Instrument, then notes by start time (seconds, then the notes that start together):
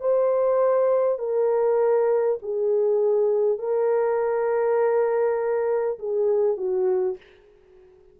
horn
0.00 C5
1.18 A#4
2.42 G#4
3.59 A#4
5.99 G#4
6.57 F#4